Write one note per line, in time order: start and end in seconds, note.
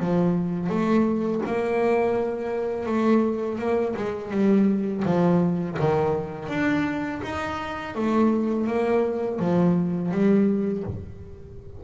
0.00 0.69 F3
0.69 1.42 A3
1.46 2.86 A#3
2.86 3.58 A3
3.58 3.95 A#3
3.96 4.31 G#3
4.31 5.03 G3
5.05 5.77 F3
5.80 6.49 D#3
6.49 7.21 D4
7.23 7.95 D#4
7.95 8.67 A3
8.67 9.39 A#3
9.39 10.11 F3
10.11 10.84 G3